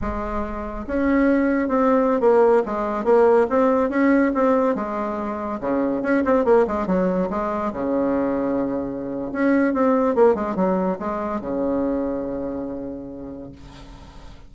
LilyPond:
\new Staff \with { instrumentName = "bassoon" } { \time 4/4 \tempo 4 = 142 gis2 cis'2 | c'4~ c'16 ais4 gis4 ais8.~ | ais16 c'4 cis'4 c'4 gis8.~ | gis4~ gis16 cis4 cis'8 c'8 ais8 gis16~ |
gis16 fis4 gis4 cis4.~ cis16~ | cis2 cis'4 c'4 | ais8 gis8 fis4 gis4 cis4~ | cis1 | }